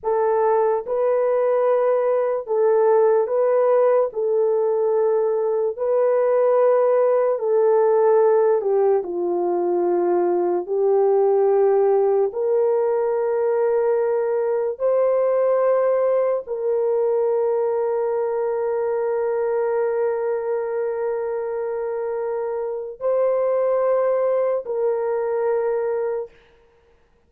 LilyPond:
\new Staff \with { instrumentName = "horn" } { \time 4/4 \tempo 4 = 73 a'4 b'2 a'4 | b'4 a'2 b'4~ | b'4 a'4. g'8 f'4~ | f'4 g'2 ais'4~ |
ais'2 c''2 | ais'1~ | ais'1 | c''2 ais'2 | }